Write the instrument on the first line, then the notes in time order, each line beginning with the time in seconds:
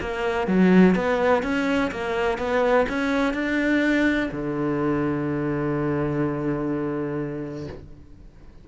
cello
0.00 A#3
0.47 F#3
0.95 B3
1.42 C#4
1.91 A#3
2.38 B3
2.88 C#4
3.33 D4
4.31 D3